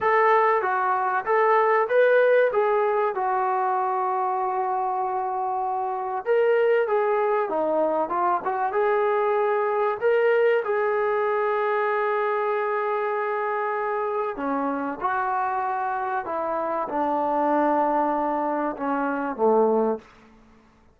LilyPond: \new Staff \with { instrumentName = "trombone" } { \time 4/4 \tempo 4 = 96 a'4 fis'4 a'4 b'4 | gis'4 fis'2.~ | fis'2 ais'4 gis'4 | dis'4 f'8 fis'8 gis'2 |
ais'4 gis'2.~ | gis'2. cis'4 | fis'2 e'4 d'4~ | d'2 cis'4 a4 | }